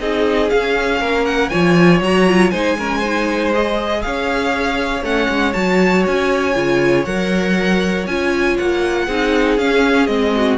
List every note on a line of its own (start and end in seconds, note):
0.00 0.50 C4
0.00 0.50 D#4
0.00 1.01 G#4
0.00 0.50 D#5
0.50 1.51 C#4
0.50 1.01 C#4
0.50 1.26 F5
1.01 1.51 A#3
1.01 1.51 A#4
1.26 1.49 F#5
1.49 2.01 F3
1.49 2.02 F4
1.49 2.52 C#5
1.49 2.00 G#5
2.01 2.51 F#3
2.01 2.28 F#4
2.01 2.50 A#5
2.28 2.53 F4
2.50 4.05 G#3
2.50 2.78 D#4
2.50 2.77 C5
2.50 3.51 G#5
2.78 3.04 C#4
2.78 2.99 A#4
2.99 3.53 D#4
2.99 4.00 C5
3.53 5.04 G#4
3.53 4.03 D#5
4.03 5.02 C#4
4.03 9.06 C#5
4.03 5.03 F5
5.02 5.28 A3
5.02 5.53 C#4
5.02 5.53 F#5
5.29 5.55 G#3
5.53 6.06 F#3
5.53 6.54 F#4
5.53 6.04 A5
6.07 6.56 C#4
6.07 7.05 G#5
6.55 7.06 C#3
6.55 7.06 F4
7.05 8.07 F#3
7.05 8.08 A#4
7.05 8.06 F#5
8.07 8.57 C#4
8.07 9.10 F4
8.07 8.57 G#5
8.58 9.08 A#3
8.58 9.59 F#5
9.06 9.58 C4
9.06 9.59 D#4
9.06 10.32 G#4
9.58 10.08 C#4
9.58 10.07 F5
10.07 10.58 G#3
10.07 10.59 C4
10.07 10.57 D#5
10.36 10.59 F#4